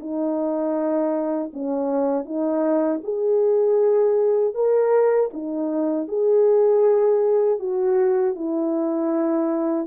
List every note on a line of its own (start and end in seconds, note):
0.00 1.52 D#4
1.53 2.25 C#4
2.25 3.01 D#4
3.04 4.55 G#4
4.55 5.31 A#4
5.33 6.08 D#4
6.08 7.59 G#4
7.59 8.35 F#4
8.35 9.87 E4